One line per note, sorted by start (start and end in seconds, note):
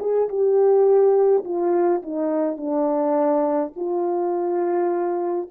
0.00 0.29 G#4
0.29 1.44 G4
1.44 2.02 F4
2.02 2.57 D#4
2.57 3.72 D4
3.76 5.49 F4